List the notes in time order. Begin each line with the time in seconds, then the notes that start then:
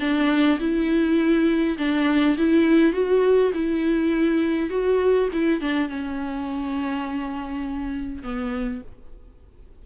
0.00 D4
0.60 E4
1.78 D4
2.37 E4
2.93 F#4
3.54 E4
4.70 F#4
5.33 E4
5.61 D4
5.89 C#4
8.23 B3